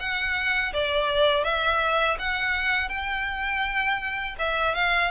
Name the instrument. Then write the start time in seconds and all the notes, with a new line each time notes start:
violin
0.00 F#5
0.73 D5
1.44 E5
2.19 F#5
2.89 G5
4.39 E5
4.75 F5